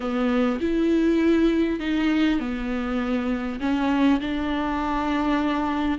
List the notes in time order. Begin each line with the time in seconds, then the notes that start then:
0.00 B3
0.60 E4
1.79 D#4
2.39 B3
3.59 C#4
4.20 D4